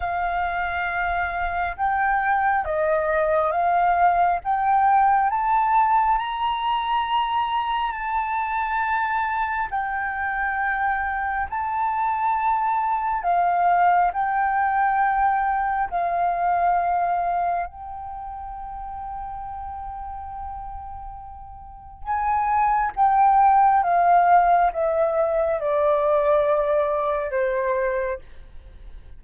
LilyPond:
\new Staff \with { instrumentName = "flute" } { \time 4/4 \tempo 4 = 68 f''2 g''4 dis''4 | f''4 g''4 a''4 ais''4~ | ais''4 a''2 g''4~ | g''4 a''2 f''4 |
g''2 f''2 | g''1~ | g''4 gis''4 g''4 f''4 | e''4 d''2 c''4 | }